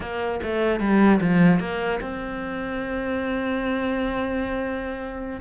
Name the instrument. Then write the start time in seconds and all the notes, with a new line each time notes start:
cello
0.00 A#3
0.43 A3
0.80 G3
1.20 F3
1.59 A#3
2.00 C4